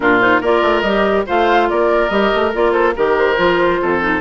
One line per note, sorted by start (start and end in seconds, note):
0.00 0.41 A#2
0.00 0.21 D4
0.00 0.41 F4
0.00 0.19 A#4
0.20 0.42 D#4
0.20 0.41 C5
0.41 0.61 A#3
0.41 0.85 F4
0.41 1.25 A#4
0.41 0.81 D5
0.61 0.82 A3
0.81 1.24 G3
0.81 1.26 G4
0.81 1.23 D#5
1.26 1.71 A3
1.26 2.10 F4
1.26 1.68 C5
1.26 1.69 F5
1.69 2.10 A#3
1.69 2.72 A#4
1.69 2.09 D5
2.09 2.31 G3
2.09 2.52 G4
2.09 2.51 D#5
2.34 2.53 A3
2.53 2.96 A#3
2.53 2.95 F4
2.53 2.71 D5
2.71 2.93 A4
2.71 2.93 C5
2.95 3.37 D#3
2.95 3.36 G4
2.95 3.17 A#4
2.95 3.80 A#4
3.17 4.21 C5
3.36 3.80 F3
3.36 3.99 F4
3.81 4.21 F2
3.81 4.21 A4
4.00 4.21 D#4